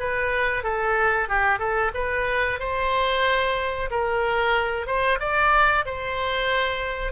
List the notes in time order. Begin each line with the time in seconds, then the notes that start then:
0.00 B4
0.63 A4
1.29 G4
1.59 A4
1.94 B4
2.59 C5
3.91 A#4
4.86 C5
5.20 D5
5.85 C5